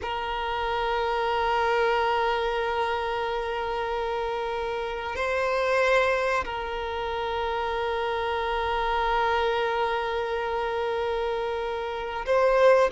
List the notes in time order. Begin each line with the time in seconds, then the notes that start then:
0.02 A#4
5.15 C5
6.45 A#4
12.26 C5